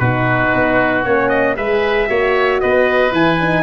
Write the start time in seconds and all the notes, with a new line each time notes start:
0.00 B2 D#4 F#4 B4
0.55 B3
1.05 A#3 C#4 C#5
1.30 D#5
1.56 G#3 G#4 B4 E5
2.08 A#3 F#4 C#5
2.61 B3 B4 D#5
3.12 E3 E4 G#5
3.42 D#4